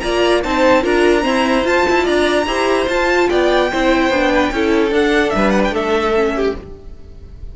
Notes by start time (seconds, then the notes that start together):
0.00 A#3 F4 D5 A#5
0.43 C4 D#4 C5 A5
0.82 D4 F4 A#4 A#5
1.21 C4 E4 C5
1.63 F4 A5
1.89 E4
2.03 D4 D5 A#5
2.46 E4 G4 C5
2.88 F4 A5
3.29 B3 D5 G5
3.71 C4 E4 C5
4.09 B3 D4
4.32 B4
4.51 C#4 E4 A4
4.89 D4 F#5
5.30 G3 B4 E5
5.51 F#5
5.64 A3 G5
5.74 A4 E5
6.15 C#4
6.36 G4